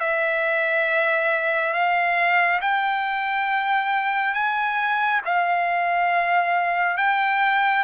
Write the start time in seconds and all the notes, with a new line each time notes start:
0.00 E5
1.73 F5
2.61 G5
4.34 G#5
5.25 F5
6.97 G5